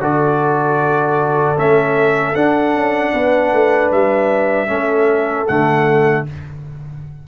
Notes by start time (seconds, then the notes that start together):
0.00 D3 F#4 A4 D5
1.57 A3 C#4 E5
2.35 D4 F#5
2.74 C#4
3.14 B3 B4
3.53 A3
3.91 G3 E5
4.68 A3 C#4 A4
5.48 D3 A3 F#5